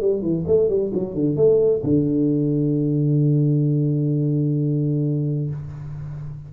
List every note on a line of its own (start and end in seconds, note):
0.00 0.21 G3
0.21 0.44 E3
0.47 0.68 A3
0.68 0.91 G3
0.94 1.14 F#3
1.14 1.36 D3
1.36 1.82 A3
1.83 5.50 D3